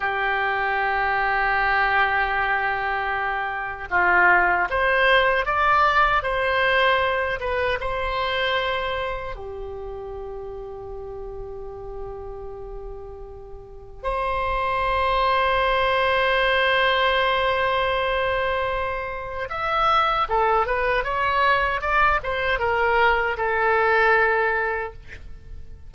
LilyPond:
\new Staff \with { instrumentName = "oboe" } { \time 4/4 \tempo 4 = 77 g'1~ | g'4 f'4 c''4 d''4 | c''4. b'8 c''2 | g'1~ |
g'2 c''2~ | c''1~ | c''4 e''4 a'8 b'8 cis''4 | d''8 c''8 ais'4 a'2 | }